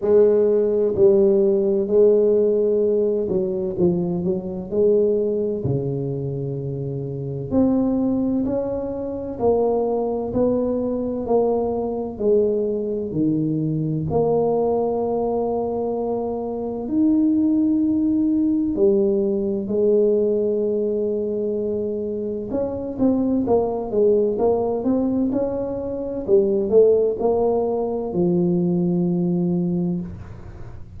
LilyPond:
\new Staff \with { instrumentName = "tuba" } { \time 4/4 \tempo 4 = 64 gis4 g4 gis4. fis8 | f8 fis8 gis4 cis2 | c'4 cis'4 ais4 b4 | ais4 gis4 dis4 ais4~ |
ais2 dis'2 | g4 gis2. | cis'8 c'8 ais8 gis8 ais8 c'8 cis'4 | g8 a8 ais4 f2 | }